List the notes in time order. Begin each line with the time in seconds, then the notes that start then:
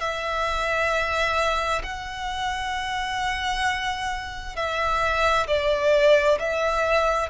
0.00 E5
1.83 F#5
4.55 E5
5.47 D5
6.39 E5